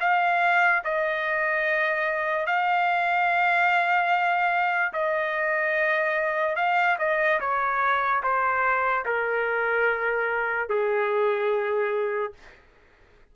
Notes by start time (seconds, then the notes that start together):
0.00 F5
0.84 D#5
2.46 F5
4.93 D#5
6.56 F5
6.98 D#5
7.40 C#5
8.23 C5
9.05 A#4
10.68 G#4